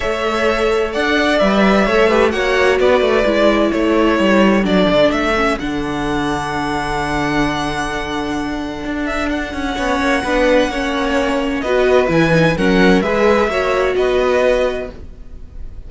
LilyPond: <<
  \new Staff \with { instrumentName = "violin" } { \time 4/4 \tempo 4 = 129 e''2 fis''4 e''4~ | e''4 fis''4 d''2 | cis''2 d''4 e''4 | fis''1~ |
fis''2.~ fis''8 e''8 | fis''1~ | fis''4 dis''4 gis''4 fis''4 | e''2 dis''2 | }
  \new Staff \with { instrumentName = "violin" } { \time 4/4 cis''2 d''2 | cis''8 b'8 cis''4 b'2 | a'1~ | a'1~ |
a'1~ | a'4 cis''4 b'4 cis''4~ | cis''4 b'2 ais'4 | b'4 cis''4 b'2 | }
  \new Staff \with { instrumentName = "viola" } { \time 4/4 a'2. b'4 | a'8 g'8 fis'2 e'4~ | e'2 d'4. cis'8 | d'1~ |
d'1~ | d'4 cis'4 d'4 cis'4~ | cis'4 fis'4 e'8 dis'8 cis'4 | gis'4 fis'2. | }
  \new Staff \with { instrumentName = "cello" } { \time 4/4 a2 d'4 g4 | a4 ais4 b8 a8 gis4 | a4 g4 fis8 d8 a4 | d1~ |
d2. d'4~ | d'8 cis'8 b8 ais8 b4 ais4~ | ais4 b4 e4 fis4 | gis4 ais4 b2 | }
>>